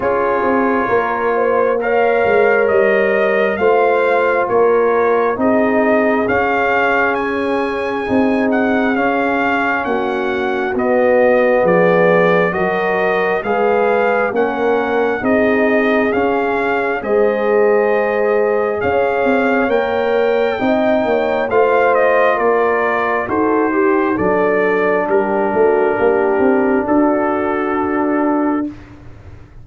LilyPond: <<
  \new Staff \with { instrumentName = "trumpet" } { \time 4/4 \tempo 4 = 67 cis''2 f''4 dis''4 | f''4 cis''4 dis''4 f''4 | gis''4. fis''8 f''4 fis''4 | dis''4 d''4 dis''4 f''4 |
fis''4 dis''4 f''4 dis''4~ | dis''4 f''4 g''2 | f''8 dis''8 d''4 c''4 d''4 | ais'2 a'2 | }
  \new Staff \with { instrumentName = "horn" } { \time 4/4 gis'4 ais'8 c''8 cis''2 | c''4 ais'4 gis'2~ | gis'2. fis'4~ | fis'4 gis'4 ais'4 b'4 |
ais'4 gis'2 c''4~ | c''4 cis''2 dis''8 cis''8 | c''4 ais'4 a'8 g'8 a'4 | g'8 fis'8 g'4 fis'2 | }
  \new Staff \with { instrumentName = "trombone" } { \time 4/4 f'2 ais'2 | f'2 dis'4 cis'4~ | cis'4 dis'4 cis'2 | b2 fis'4 gis'4 |
cis'4 dis'4 cis'4 gis'4~ | gis'2 ais'4 dis'4 | f'2 fis'8 g'8 d'4~ | d'1 | }
  \new Staff \with { instrumentName = "tuba" } { \time 4/4 cis'8 c'8 ais4. gis8 g4 | a4 ais4 c'4 cis'4~ | cis'4 c'4 cis'4 ais4 | b4 f4 fis4 gis4 |
ais4 c'4 cis'4 gis4~ | gis4 cis'8 c'8 ais4 c'8 ais8 | a4 ais4 dis'4 fis4 | g8 a8 ais8 c'8 d'2 | }
>>